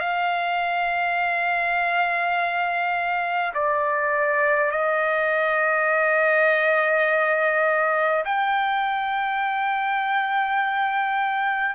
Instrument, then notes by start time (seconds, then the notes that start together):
trumpet
0.00 F5
3.54 D5
4.72 D#5
8.25 G5